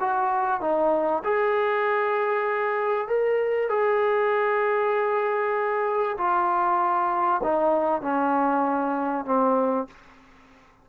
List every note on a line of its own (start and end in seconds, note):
0.00 0.61 F#4
0.61 1.23 D#4
1.24 3.08 G#4
3.08 3.69 A#4
3.69 6.17 G#4
6.18 7.42 F4
7.44 8.02 D#4
8.02 9.25 C#4
9.25 9.87 C4